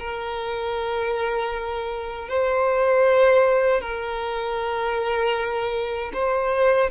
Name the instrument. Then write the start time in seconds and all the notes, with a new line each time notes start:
violin
0.00 A#4
2.29 C5
3.81 A#4
6.14 C5